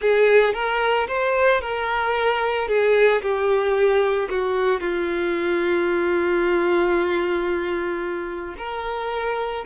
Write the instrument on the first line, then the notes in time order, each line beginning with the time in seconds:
violin
0.00 G#4
0.54 A#4
1.07 C5
1.61 A#4
2.68 G#4
3.21 G4
4.29 F#4
4.80 F4
8.58 A#4